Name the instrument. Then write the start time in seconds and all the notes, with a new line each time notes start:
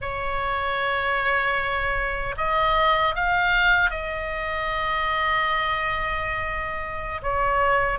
oboe
0.01 C#5
2.37 D#5
3.15 F5
3.90 D#5
7.22 C#5